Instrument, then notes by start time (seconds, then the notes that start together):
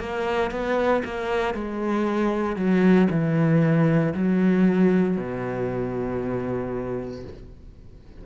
cello
0.00 A#3
0.51 B3
1.05 A#3
1.55 G#3
2.57 F#3
3.10 E3
4.15 F#3
5.17 B2